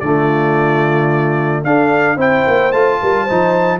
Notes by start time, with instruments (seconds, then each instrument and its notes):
0.00 tuba D3, trombone A3, horn F4, trumpet D5
1.64 tuba D4, trombone D4, horn A4, trumpet F5
2.16 tuba C4, trombone E4, horn C5, trumpet G5
2.47 tuba A#3
2.72 tuba A3, trombone F4, trumpet A5
3.01 tuba G3, horn A#4
3.24 trombone D#4, horn C5
3.30 tuba F3